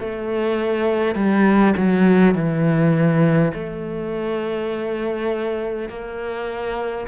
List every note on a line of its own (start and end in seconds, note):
0.00 1.15 A3
1.15 1.74 G3
1.77 2.34 F#3
2.34 3.52 E3
3.53 5.89 A3
5.89 7.06 A#3